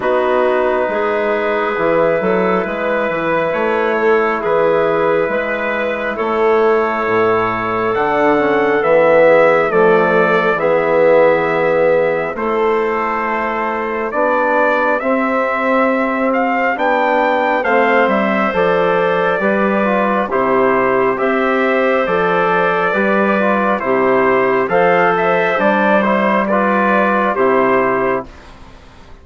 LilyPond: <<
  \new Staff \with { instrumentName = "trumpet" } { \time 4/4 \tempo 4 = 68 b'1 | cis''4 b'2 cis''4~ | cis''4 fis''4 e''4 d''4 | e''2 c''2 |
d''4 e''4. f''8 g''4 | f''8 e''8 d''2 c''4 | e''4 d''2 c''4 | f''8 e''8 d''8 c''8 d''4 c''4 | }
  \new Staff \with { instrumentName = "clarinet" } { \time 4/4 fis'4 gis'4. a'8 b'4~ | b'8 a'8 gis'4 b'4 a'4~ | a'2~ a'8 gis'8 a'4 | gis'2 a'2 |
g'1 | c''2 b'4 g'4 | c''2 b'4 g'4 | c''2 b'4 g'4 | }
  \new Staff \with { instrumentName = "trombone" } { \time 4/4 dis'2 e'2~ | e'1~ | e'4 d'8 cis'8 b4 a4 | b2 e'2 |
d'4 c'2 d'4 | c'4 a'4 g'8 f'8 e'4 | g'4 a'4 g'8 f'8 e'4 | a'4 d'8 e'8 f'4 e'4 | }
  \new Staff \with { instrumentName = "bassoon" } { \time 4/4 b4 gis4 e8 fis8 gis8 e8 | a4 e4 gis4 a4 | a,4 d4 e4 f4 | e2 a2 |
b4 c'2 b4 | a8 g8 f4 g4 c4 | c'4 f4 g4 c4 | f4 g2 c4 | }
>>